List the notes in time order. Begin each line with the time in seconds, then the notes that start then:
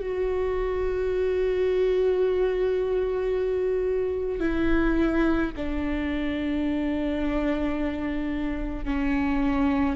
0.00 F#4
4.40 E4
5.57 D4
8.85 C#4